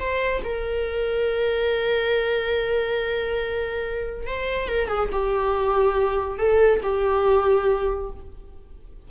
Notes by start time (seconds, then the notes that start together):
0.00 C5
0.44 A#4
4.27 C5
4.69 A#4
4.88 G#4
5.13 G4
6.39 A4
6.83 G4